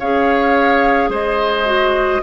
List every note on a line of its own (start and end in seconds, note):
0.00 1.09 C#4
0.00 1.66 G#4
0.00 1.10 C#5
0.00 1.11 F5
1.09 2.21 G#3
1.09 2.22 C5
1.09 2.23 D#5
1.66 2.21 F#4